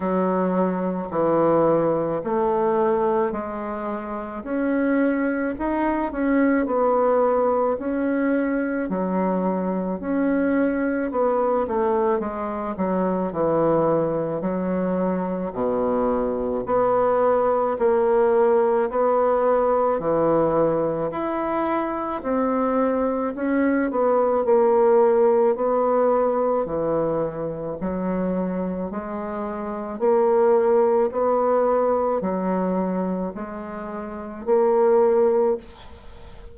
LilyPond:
\new Staff \with { instrumentName = "bassoon" } { \time 4/4 \tempo 4 = 54 fis4 e4 a4 gis4 | cis'4 dis'8 cis'8 b4 cis'4 | fis4 cis'4 b8 a8 gis8 fis8 | e4 fis4 b,4 b4 |
ais4 b4 e4 e'4 | c'4 cis'8 b8 ais4 b4 | e4 fis4 gis4 ais4 | b4 fis4 gis4 ais4 | }